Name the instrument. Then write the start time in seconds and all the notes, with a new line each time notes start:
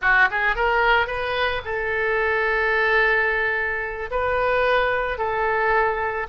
oboe
0.01 F#4
0.30 G#4
0.55 A#4
1.07 B4
1.64 A4
4.10 B4
5.17 A4